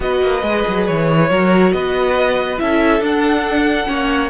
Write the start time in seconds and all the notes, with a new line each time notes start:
0.00 B3 F#4 B4 D#5
0.22 A#3
0.42 G#3 G#4
0.67 F#3
0.86 E3 C#5
1.29 F#3 F#4 A#4
1.72 B3 B4 D#5
2.57 C#4 E4 A4 E5
3.00 D4 F#5
3.86 A#3 C#4 C#5